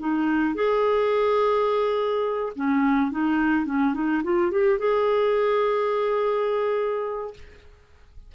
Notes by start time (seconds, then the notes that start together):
0.00 D#4
0.55 G#4
2.56 C#4
3.12 D#4
3.66 C#4
3.94 D#4
4.24 F4
4.51 G4
4.79 G#4